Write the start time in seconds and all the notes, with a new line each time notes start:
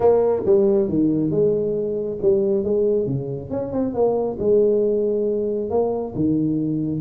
0.00 A#3
0.45 G3
0.88 D#3
1.30 G#3
2.21 G3
2.63 G#3
3.06 C#3
3.50 C#4
3.72 C4
3.94 A#3
4.39 G#3
5.70 A#3
6.15 D#3